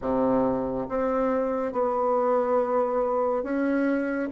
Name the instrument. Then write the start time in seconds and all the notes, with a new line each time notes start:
bassoon
0.01 C3
0.88 C4
1.72 B3
3.43 C#4